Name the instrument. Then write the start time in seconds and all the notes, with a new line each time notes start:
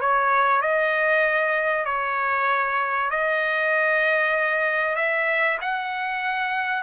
trumpet
0.00 C#5
0.61 D#5
1.85 C#5
3.10 D#5
4.95 E5
5.61 F#5